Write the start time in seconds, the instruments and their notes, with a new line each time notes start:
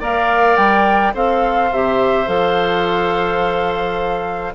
0.00 bassoon A#3, clarinet A#4, oboe D5, flute F5
0.56 bassoon G3, flute G5
1.14 bassoon C4, clarinet A4, oboe C5, flute F5
1.71 bassoon C3, clarinet G4, flute E5
2.26 bassoon F3, clarinet A4, flute F5